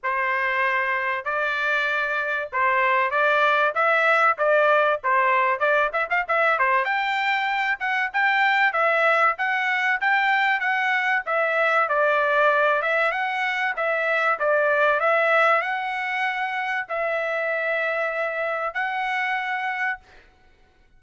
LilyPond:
\new Staff \with { instrumentName = "trumpet" } { \time 4/4 \tempo 4 = 96 c''2 d''2 | c''4 d''4 e''4 d''4 | c''4 d''8 e''16 f''16 e''8 c''8 g''4~ | g''8 fis''8 g''4 e''4 fis''4 |
g''4 fis''4 e''4 d''4~ | d''8 e''8 fis''4 e''4 d''4 | e''4 fis''2 e''4~ | e''2 fis''2 | }